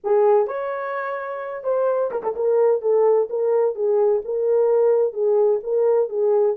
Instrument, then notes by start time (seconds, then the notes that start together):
horn
0.03 G#4
0.47 C#5
1.63 C5
2.11 A#4
2.23 A4
2.35 A#4
2.81 A4
3.29 A#4
3.75 G#4
4.24 A#4
5.13 G#4
5.63 A#4
6.09 G#4